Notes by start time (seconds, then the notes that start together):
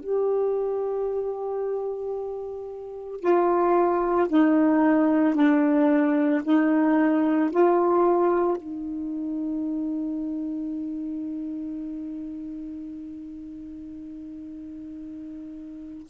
0.00 G4
3.20 F4
4.29 D#4
5.34 D4
6.44 D#4
7.50 F4
8.57 D#4